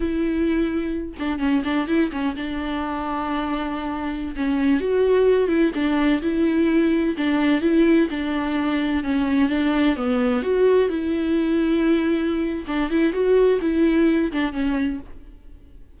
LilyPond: \new Staff \with { instrumentName = "viola" } { \time 4/4 \tempo 4 = 128 e'2~ e'8 d'8 cis'8 d'8 | e'8 cis'8 d'2.~ | d'4~ d'16 cis'4 fis'4. e'16~ | e'16 d'4 e'2 d'8.~ |
d'16 e'4 d'2 cis'8.~ | cis'16 d'4 b4 fis'4 e'8.~ | e'2. d'8 e'8 | fis'4 e'4. d'8 cis'4 | }